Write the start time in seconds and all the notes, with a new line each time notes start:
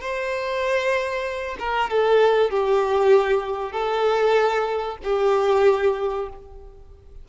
0.00 C5
1.59 A#4
1.89 A4
2.50 G4
3.72 A4
5.03 G4